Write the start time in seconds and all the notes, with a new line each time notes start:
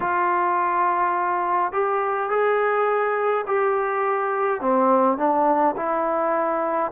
0.00 F4
1.72 G4
2.30 G#4
3.46 G4
4.60 C4
5.17 D4
5.76 E4